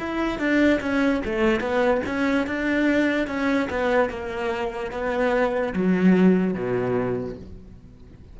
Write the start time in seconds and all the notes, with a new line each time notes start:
0.00 E4
0.39 D4
0.81 C#4
1.26 A3
1.61 B3
2.07 C#4
2.47 D4
3.28 C#4
3.70 B3
4.10 A#3
4.92 B3
5.74 F#3
6.55 B2